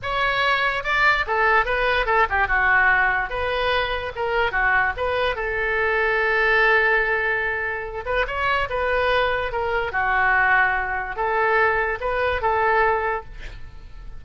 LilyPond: \new Staff \with { instrumentName = "oboe" } { \time 4/4 \tempo 4 = 145 cis''2 d''4 a'4 | b'4 a'8 g'8 fis'2 | b'2 ais'4 fis'4 | b'4 a'2.~ |
a'2.~ a'8 b'8 | cis''4 b'2 ais'4 | fis'2. a'4~ | a'4 b'4 a'2 | }